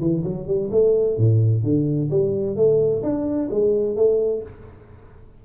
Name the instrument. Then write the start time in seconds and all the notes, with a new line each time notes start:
tuba
0.00 E3
0.24 F#3
0.47 G3
0.71 A3
1.18 A2
1.63 D3
2.11 G3
2.56 A3
3.03 D4
3.50 G#3
3.96 A3